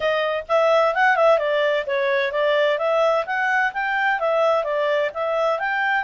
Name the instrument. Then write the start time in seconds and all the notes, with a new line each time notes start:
clarinet
0.00 D#5
0.48 E5
0.95 F#5
1.15 E5
1.38 D5
1.86 C#5
2.32 D5
2.78 E5
3.26 F#5
3.73 G5
4.19 E5
4.64 D5
5.14 E5
5.59 G5